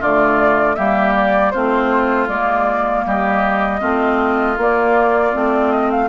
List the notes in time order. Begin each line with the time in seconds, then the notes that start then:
0.00 D3 A3 F4 D5
0.75 G3 A#3 G4 E5
1.15 D5
1.51 A3 C4 F4 C5
2.28 G#3 A#3 D5
3.05 G3 G4 D#5
3.80 A3 C4 F4
4.57 A#3 D5
5.32 A3 C4
5.71 D#5
5.91 F5